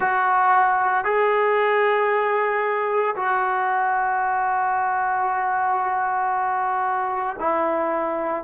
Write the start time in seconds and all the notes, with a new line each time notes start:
0.00 F#4
1.04 G#4
3.15 F#4
7.39 E4